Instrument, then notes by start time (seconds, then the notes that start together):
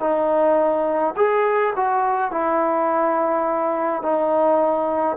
trombone
0.00 D#4
1.16 G#4
1.76 F#4
2.31 E4
4.02 D#4